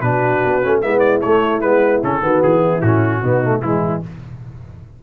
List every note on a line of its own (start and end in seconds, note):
0.00 0.41 B2
0.00 0.62 D4
0.00 0.81 F#4
0.00 0.80 B4
0.44 0.64 B3
0.62 0.83 A3
0.62 0.82 C#4
0.81 1.23 G#3
0.81 1.22 B3
0.81 2.24 E4
0.81 0.99 E5
0.99 1.19 D5
1.21 1.62 A3
1.21 1.61 C#5
1.61 2.02 G#3
1.61 2.02 B3
1.61 2.01 B4
2.02 2.21 C#3
2.02 2.21 C#4
2.02 2.42 A4
2.21 2.41 D#3
2.21 2.81 B3
2.21 2.59 F#4
2.42 2.82 E3
2.42 2.81 G#4
2.59 3.19 E4
2.81 3.22 A2
2.81 3.23 C#4
2.81 3.61 F#4
3.22 3.62 B2
3.22 3.43 B3
3.22 3.61 D#4
3.43 3.63 A3
3.61 4.02 E3
3.61 4.03 G#3
3.61 4.01 E4
3.61 4.02 E4